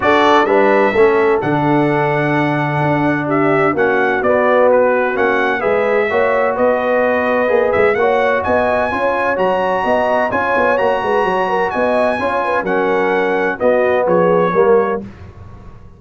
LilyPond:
<<
  \new Staff \with { instrumentName = "trumpet" } { \time 4/4 \tempo 4 = 128 d''4 e''2 fis''4~ | fis''2. e''4 | fis''4 d''4 b'4 fis''4 | e''2 dis''2~ |
dis''8 e''8 fis''4 gis''2 | ais''2 gis''4 ais''4~ | ais''4 gis''2 fis''4~ | fis''4 dis''4 cis''2 | }
  \new Staff \with { instrumentName = "horn" } { \time 4/4 a'4 b'4 a'2~ | a'2. g'4 | fis'1 | b'4 cis''4 b'2~ |
b'4 cis''4 dis''4 cis''4~ | cis''4 dis''4 cis''4. b'8 | cis''8 ais'8 dis''4 cis''8 b'8 ais'4~ | ais'4 fis'4 gis'4 ais'4 | }
  \new Staff \with { instrumentName = "trombone" } { \time 4/4 fis'4 d'4 cis'4 d'4~ | d'1 | cis'4 b2 cis'4 | gis'4 fis'2. |
gis'4 fis'2 f'4 | fis'2 f'4 fis'4~ | fis'2 f'4 cis'4~ | cis'4 b2 ais4 | }
  \new Staff \with { instrumentName = "tuba" } { \time 4/4 d'4 g4 a4 d4~ | d2 d'2 | ais4 b2 ais4 | gis4 ais4 b2 |
ais8 gis8 ais4 b4 cis'4 | fis4 b4 cis'8 b8 ais8 gis8 | fis4 b4 cis'4 fis4~ | fis4 b4 f4 g4 | }
>>